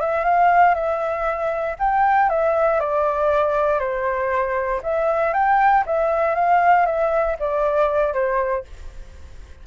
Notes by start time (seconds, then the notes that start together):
0.00 E5
0.24 F5
0.74 E5
1.79 G5
2.29 E5
2.79 D5
3.79 C5
4.83 E5
5.33 G5
5.86 E5
6.35 F5
6.85 E5
7.39 D5
8.13 C5